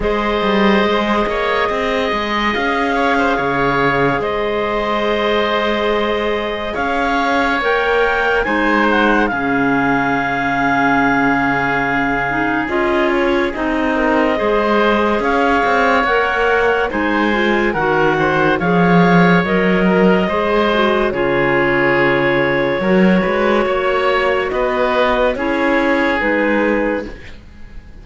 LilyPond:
<<
  \new Staff \with { instrumentName = "clarinet" } { \time 4/4 \tempo 4 = 71 dis''2. f''4~ | f''4 dis''2. | f''4 g''4 gis''8 fis''8 f''4~ | f''2. dis''8 cis''8 |
dis''2 f''4 fis''4 | gis''4 fis''4 f''4 dis''4~ | dis''4 cis''2.~ | cis''4 dis''4 cis''4 b'4 | }
  \new Staff \with { instrumentName = "oboe" } { \time 4/4 c''4. cis''8 dis''4. cis''16 c''16 | cis''4 c''2. | cis''2 c''4 gis'4~ | gis'1~ |
gis'8 ais'8 c''4 cis''2 | c''4 ais'8 c''8 cis''4. ais'8 | c''4 gis'2 ais'8 b'8 | cis''4 b'4 gis'2 | }
  \new Staff \with { instrumentName = "clarinet" } { \time 4/4 gis'1~ | gis'1~ | gis'4 ais'4 dis'4 cis'4~ | cis'2~ cis'8 dis'8 f'4 |
dis'4 gis'2 ais'4 | dis'8 f'8 fis'4 gis'4 ais'4 | gis'8 fis'8 f'2 fis'4~ | fis'2 e'4 dis'4 | }
  \new Staff \with { instrumentName = "cello" } { \time 4/4 gis8 g8 gis8 ais8 c'8 gis8 cis'4 | cis4 gis2. | cis'4 ais4 gis4 cis4~ | cis2. cis'4 |
c'4 gis4 cis'8 c'8 ais4 | gis4 dis4 f4 fis4 | gis4 cis2 fis8 gis8 | ais4 b4 cis'4 gis4 | }
>>